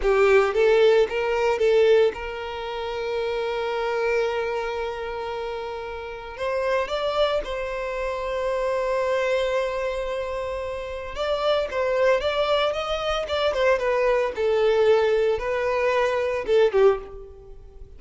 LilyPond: \new Staff \with { instrumentName = "violin" } { \time 4/4 \tempo 4 = 113 g'4 a'4 ais'4 a'4 | ais'1~ | ais'1 | c''4 d''4 c''2~ |
c''1~ | c''4 d''4 c''4 d''4 | dis''4 d''8 c''8 b'4 a'4~ | a'4 b'2 a'8 g'8 | }